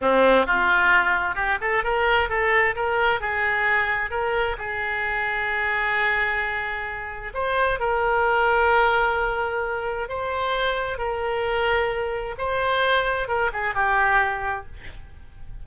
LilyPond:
\new Staff \with { instrumentName = "oboe" } { \time 4/4 \tempo 4 = 131 c'4 f'2 g'8 a'8 | ais'4 a'4 ais'4 gis'4~ | gis'4 ais'4 gis'2~ | gis'1 |
c''4 ais'2.~ | ais'2 c''2 | ais'2. c''4~ | c''4 ais'8 gis'8 g'2 | }